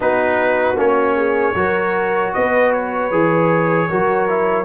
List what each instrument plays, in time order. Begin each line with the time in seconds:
0.00 tuba B3, trombone D#4, horn F#4, trumpet B4
0.75 tuba A#3, trombone C#4, trumpet C#5
1.15 horn G#4
1.54 tuba F#3, trombone F#4, horn A#4
2.33 tuba B3, horn B4, trumpet D#5
2.73 trumpet C#5
3.11 tuba E3, trombone G#4
3.88 tuba F#3, trombone F#4, horn A#4
4.28 trombone E4